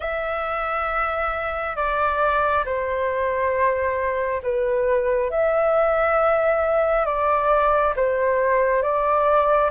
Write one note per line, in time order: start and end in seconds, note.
0.00 1.76 E5
1.76 2.64 D5
2.65 4.41 C5
4.42 5.30 B4
5.30 7.05 E5
7.05 7.94 D5
7.95 8.82 C5
8.82 9.70 D5